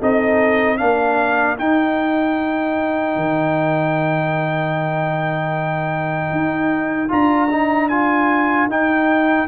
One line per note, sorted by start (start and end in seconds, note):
0.00 0.81 C4
0.00 0.78 D#4
0.00 0.79 A4
0.00 0.77 D#5
0.77 1.59 A#3
0.77 1.57 D4
0.77 9.48 A#4
0.77 1.56 F5
1.57 7.09 D#4
1.57 3.16 D#4
1.57 7.11 G5
3.16 6.31 D#3
6.31 7.10 D#4
7.09 8.66 D4
7.09 7.48 F4
7.09 7.89 A#5
7.51 7.90 D#4
7.89 8.69 F4
7.89 8.68 G#5
8.66 9.45 D#4
8.66 9.48 D#4
8.66 9.48 G5